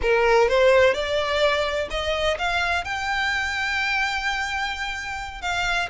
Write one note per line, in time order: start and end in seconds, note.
0.02 0.48 A#4
0.48 0.94 C5
0.94 1.88 D5
1.90 2.37 D#5
2.38 2.84 F5
2.84 5.41 G5
5.41 5.88 F5